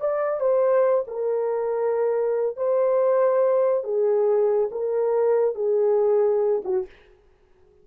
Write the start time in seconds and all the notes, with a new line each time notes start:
0.00 D5
0.40 C5
1.07 A#4
2.57 C5
3.84 G#4
4.71 A#4
5.55 G#4
6.64 F#4